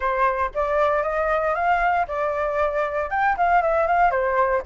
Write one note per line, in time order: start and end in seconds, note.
0.00 0.51 C5
0.54 1.03 D5
1.03 1.54 D#5
1.54 2.06 F5
2.07 3.10 D5
3.10 3.36 G5
3.37 3.61 F5
3.61 3.87 E5
3.87 4.10 F5
4.10 4.62 C5